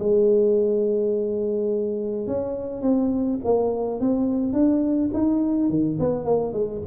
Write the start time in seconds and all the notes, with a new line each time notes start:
0.00 G#3
2.28 C#4
2.82 C4
3.45 A#3
4.01 C4
4.54 D4
5.14 D#4
5.70 D#3
6.00 B3
6.25 A#3
6.54 G#3